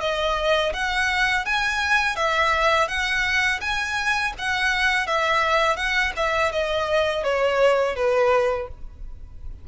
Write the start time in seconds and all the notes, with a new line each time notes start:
0.00 D#5
0.73 F#5
1.45 G#5
2.16 E5
2.88 F#5
3.60 G#5
4.38 F#5
5.06 E5
5.76 F#5
6.16 E5
6.52 D#5
7.24 C#5
7.96 B4